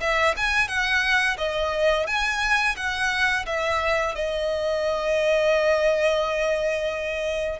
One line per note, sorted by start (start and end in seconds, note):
0.00 0.34 E5
0.37 0.68 G#5
0.68 1.37 F#5
1.37 2.06 D#5
2.07 2.76 G#5
2.76 3.45 F#5
3.46 4.15 E5
4.15 7.60 D#5